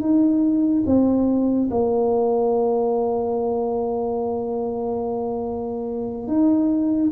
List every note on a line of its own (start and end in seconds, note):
0.00 0.83 D#4
0.86 1.69 C4
1.70 6.28 A#3
6.28 7.11 D#4